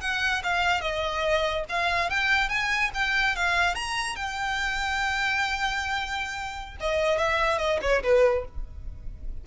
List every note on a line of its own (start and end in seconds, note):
0.00 0.42 F#5
0.43 0.81 F5
0.81 1.64 D#5
1.68 2.09 F5
2.09 2.49 G5
2.49 2.90 G#5
2.94 3.35 G5
3.36 3.75 F5
3.75 4.16 A#5
4.16 6.76 G5
6.80 7.18 D#5
7.18 7.58 E5
7.58 7.79 D#5
7.81 8.02 C#5
8.03 8.44 B4